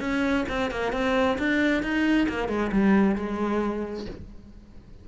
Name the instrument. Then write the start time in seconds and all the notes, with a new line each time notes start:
cello
0.00 C#4
0.49 C4
0.71 A#3
0.92 C4
1.38 D4
1.83 D#4
2.29 A#3
2.48 G#3
2.72 G3
3.16 G#3